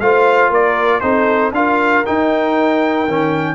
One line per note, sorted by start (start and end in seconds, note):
0.00 0.50 A3
0.00 1.02 F4
0.00 0.51 C5
0.00 0.51 F5
0.50 1.01 A#3
0.50 1.01 A#4
0.50 1.00 D5
1.00 1.51 C4
1.00 1.52 D#4
1.00 1.54 A4
1.00 1.51 C5
1.51 2.02 D4
1.51 2.05 F4
1.51 3.55 A#4
1.51 2.05 F5
2.05 3.07 D#4
2.05 3.08 D#4
2.05 3.55 G5
3.08 3.55 D#3
3.08 3.55 C#4